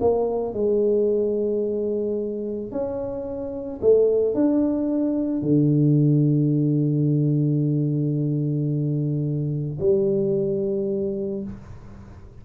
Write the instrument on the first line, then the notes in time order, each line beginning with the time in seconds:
tuba
0.00 A#3
0.53 G#3
2.71 C#4
3.81 A3
4.34 D4
5.41 D3
9.80 G3